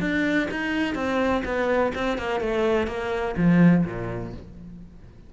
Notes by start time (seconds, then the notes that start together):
0.00 D4
0.50 D#4
0.94 C4
1.44 B3
1.95 C4
2.18 A#3
2.40 A3
2.87 A#3
3.36 F3
3.85 A#2